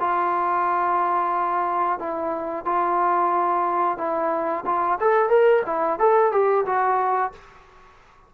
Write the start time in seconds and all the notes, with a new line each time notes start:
0.00 F4
1.99 E4
2.65 F4
3.98 E4
4.66 F4
5.00 A4
5.29 A#4
5.66 E4
5.99 A4
6.32 G4
6.65 F#4